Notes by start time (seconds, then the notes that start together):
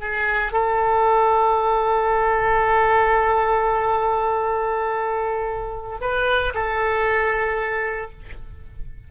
0.00 G#4
0.52 A4
6.00 B4
6.54 A4